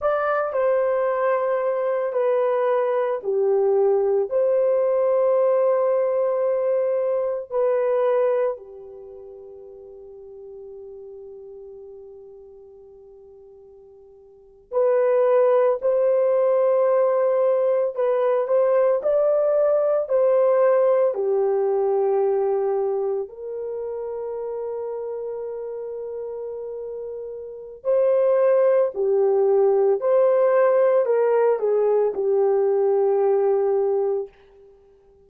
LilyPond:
\new Staff \with { instrumentName = "horn" } { \time 4/4 \tempo 4 = 56 d''8 c''4. b'4 g'4 | c''2. b'4 | g'1~ | g'4.~ g'16 b'4 c''4~ c''16~ |
c''8. b'8 c''8 d''4 c''4 g'16~ | g'4.~ g'16 ais'2~ ais'16~ | ais'2 c''4 g'4 | c''4 ais'8 gis'8 g'2 | }